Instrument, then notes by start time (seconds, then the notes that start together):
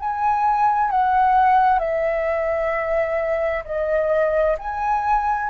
flute
0.00 G#5
0.91 F#5
1.80 E5
3.65 D#5
4.59 G#5